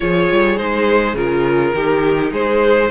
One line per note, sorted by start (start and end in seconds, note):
0.00 0.31 F3
0.00 0.57 F4
0.00 1.75 G#4
0.00 0.57 C#5
0.31 0.59 G3
0.57 1.14 G#3
0.57 1.15 D#4
0.57 1.15 C5
1.14 1.72 C#3
1.14 1.74 F4
1.14 2.33 A#4
1.74 2.31 D#3
1.74 2.90 D#4
1.74 2.33 G4
2.31 2.90 G#3
2.31 2.91 G#4
2.31 2.91 C5